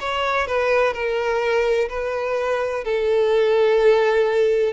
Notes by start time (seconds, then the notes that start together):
0.00 C#5
0.48 B4
0.94 A#4
1.89 B4
2.85 A4